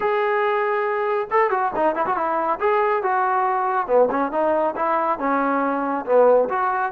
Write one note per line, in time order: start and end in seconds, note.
0.00 1.28 G#4
1.31 1.50 A4
1.50 1.71 F#4
1.75 1.95 D#4
1.95 2.05 E4
2.06 2.16 F#4
2.16 2.59 E4
2.59 3.02 G#4
3.03 3.87 F#4
3.87 4.08 B3
4.10 4.31 C#4
4.31 4.74 D#4
4.76 5.18 E4
5.18 6.05 C#4
6.05 6.49 B3
6.49 6.92 F#4